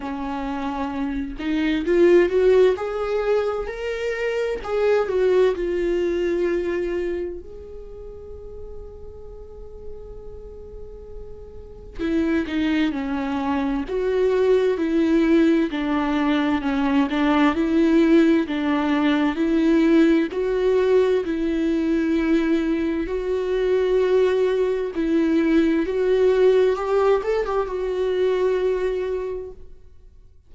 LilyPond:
\new Staff \with { instrumentName = "viola" } { \time 4/4 \tempo 4 = 65 cis'4. dis'8 f'8 fis'8 gis'4 | ais'4 gis'8 fis'8 f'2 | gis'1~ | gis'4 e'8 dis'8 cis'4 fis'4 |
e'4 d'4 cis'8 d'8 e'4 | d'4 e'4 fis'4 e'4~ | e'4 fis'2 e'4 | fis'4 g'8 a'16 g'16 fis'2 | }